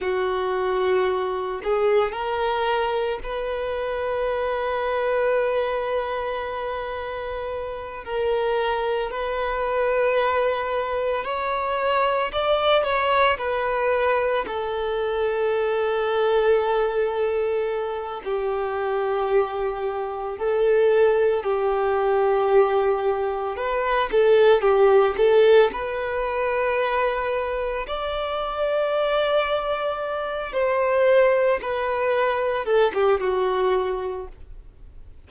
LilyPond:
\new Staff \with { instrumentName = "violin" } { \time 4/4 \tempo 4 = 56 fis'4. gis'8 ais'4 b'4~ | b'2.~ b'8 ais'8~ | ais'8 b'2 cis''4 d''8 | cis''8 b'4 a'2~ a'8~ |
a'4 g'2 a'4 | g'2 b'8 a'8 g'8 a'8 | b'2 d''2~ | d''8 c''4 b'4 a'16 g'16 fis'4 | }